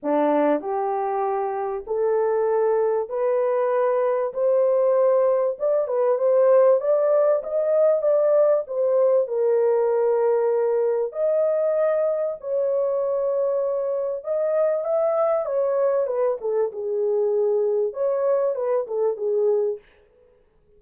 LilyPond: \new Staff \with { instrumentName = "horn" } { \time 4/4 \tempo 4 = 97 d'4 g'2 a'4~ | a'4 b'2 c''4~ | c''4 d''8 b'8 c''4 d''4 | dis''4 d''4 c''4 ais'4~ |
ais'2 dis''2 | cis''2. dis''4 | e''4 cis''4 b'8 a'8 gis'4~ | gis'4 cis''4 b'8 a'8 gis'4 | }